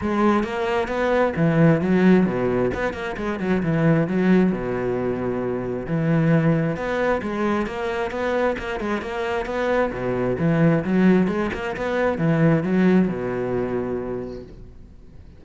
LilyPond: \new Staff \with { instrumentName = "cello" } { \time 4/4 \tempo 4 = 133 gis4 ais4 b4 e4 | fis4 b,4 b8 ais8 gis8 fis8 | e4 fis4 b,2~ | b,4 e2 b4 |
gis4 ais4 b4 ais8 gis8 | ais4 b4 b,4 e4 | fis4 gis8 ais8 b4 e4 | fis4 b,2. | }